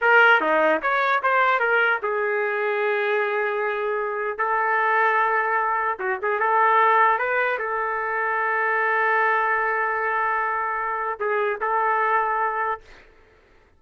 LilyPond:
\new Staff \with { instrumentName = "trumpet" } { \time 4/4 \tempo 4 = 150 ais'4 dis'4 cis''4 c''4 | ais'4 gis'2.~ | gis'2. a'4~ | a'2. fis'8 gis'8 |
a'2 b'4 a'4~ | a'1~ | a'1 | gis'4 a'2. | }